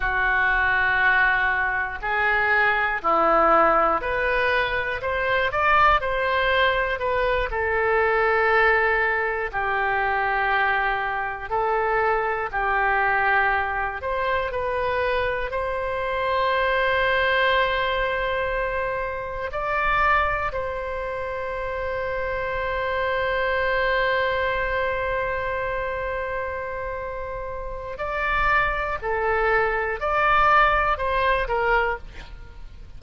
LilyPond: \new Staff \with { instrumentName = "oboe" } { \time 4/4 \tempo 4 = 60 fis'2 gis'4 e'4 | b'4 c''8 d''8 c''4 b'8 a'8~ | a'4. g'2 a'8~ | a'8 g'4. c''8 b'4 c''8~ |
c''2.~ c''8 d''8~ | d''8 c''2.~ c''8~ | c''1 | d''4 a'4 d''4 c''8 ais'8 | }